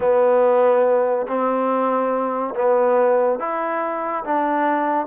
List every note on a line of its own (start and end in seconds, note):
0.00 1.26 B3
1.27 2.54 C4
2.55 3.39 B3
3.39 4.23 E4
4.24 5.07 D4